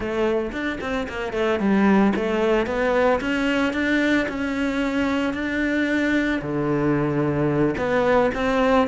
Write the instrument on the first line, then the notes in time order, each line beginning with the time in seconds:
cello
0.00 A3
0.52 D4
0.80 C4
1.08 A#3
1.32 A3
1.59 G3
2.15 A3
2.66 B3
3.20 C#4
3.73 D4
4.28 C#4
5.33 D4
6.41 D3
7.77 B3
8.34 C4